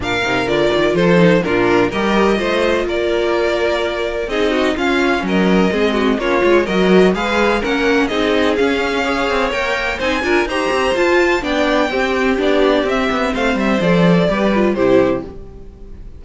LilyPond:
<<
  \new Staff \with { instrumentName = "violin" } { \time 4/4 \tempo 4 = 126 f''4 d''4 c''4 ais'4 | dis''2 d''2~ | d''4 dis''4 f''4 dis''4~ | dis''4 cis''4 dis''4 f''4 |
fis''4 dis''4 f''2 | g''4 gis''4 ais''4 a''4 | g''2 d''4 e''4 | f''8 e''8 d''2 c''4 | }
  \new Staff \with { instrumentName = "violin" } { \time 4/4 ais'2 a'4 f'4 | ais'4 c''4 ais'2~ | ais'4 gis'8 fis'8 f'4 ais'4 | gis'8 fis'8 f'4 ais'4 b'4 |
ais'4 gis'2 cis''4~ | cis''4 c''8 ais'8 c''2 | d''4 g'2. | c''2 b'4 g'4 | }
  \new Staff \with { instrumentName = "viola" } { \time 4/4 d'8 dis'8 f'4. dis'8 d'4 | g'4 f'2.~ | f'4 dis'4 cis'2 | c'4 cis'8 f'8 fis'4 gis'4 |
cis'4 dis'4 cis'4 gis'4 | ais'4 dis'8 f'8 g'4 f'4 | d'4 c'4 d'4 c'4~ | c'4 a'4 g'8 f'8 e'4 | }
  \new Staff \with { instrumentName = "cello" } { \time 4/4 ais,8 c8 d8 dis8 f4 ais,4 | g4 a4 ais2~ | ais4 c'4 cis'4 fis4 | gis4 ais8 gis8 fis4 gis4 |
ais4 c'4 cis'4. c'8 | ais4 c'8 d'8 dis'8 c'8 f'4 | b4 c'4 b4 c'8 b8 | a8 g8 f4 g4 c4 | }
>>